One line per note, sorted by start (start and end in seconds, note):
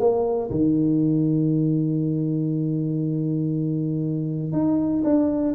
0.00 0.50 A#3
0.51 4.53 D#3
4.53 5.03 D#4
5.04 5.55 D4